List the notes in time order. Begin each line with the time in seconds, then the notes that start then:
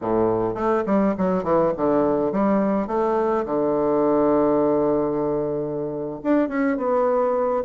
0.01 A2
0.54 A3
0.85 G3
1.17 F#3
1.43 E3
1.76 D3
2.32 G3
2.87 A3
3.45 D3
6.23 D4
6.48 C#4
6.77 B3